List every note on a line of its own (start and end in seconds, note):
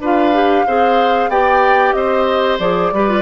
0.00 0.65 D4
0.00 0.34 F4
0.00 0.65 B4
0.00 1.30 F5
0.34 0.66 G4
0.67 1.28 C4
0.67 1.31 G#4
0.67 1.30 C5
1.28 1.93 B3
1.28 2.60 G4
1.28 1.94 D5
1.28 1.93 G5
1.93 2.59 C4
1.93 2.93 C5
1.93 2.57 D#5
2.59 2.91 F3
2.59 2.92 G#4
2.59 3.22 D5
2.92 3.22 G3
2.92 3.09 G4
2.92 3.22 B4
3.09 3.22 F4